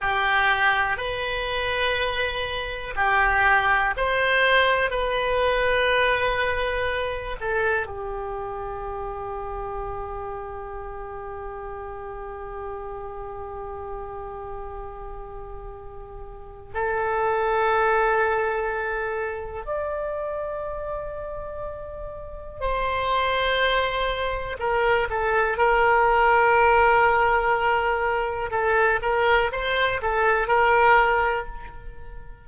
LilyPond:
\new Staff \with { instrumentName = "oboe" } { \time 4/4 \tempo 4 = 61 g'4 b'2 g'4 | c''4 b'2~ b'8 a'8 | g'1~ | g'1~ |
g'4 a'2. | d''2. c''4~ | c''4 ais'8 a'8 ais'2~ | ais'4 a'8 ais'8 c''8 a'8 ais'4 | }